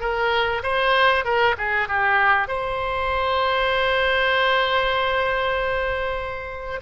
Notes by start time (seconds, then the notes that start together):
0.00 A#4
0.63 C5
1.25 A#4
1.58 G#4
1.88 G4
2.47 C5